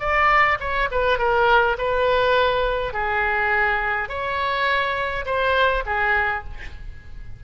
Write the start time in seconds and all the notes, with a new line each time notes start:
0.00 D5
0.60 C#5
0.91 B4
1.19 A#4
1.78 B4
2.93 G#4
4.09 C#5
5.26 C5
5.86 G#4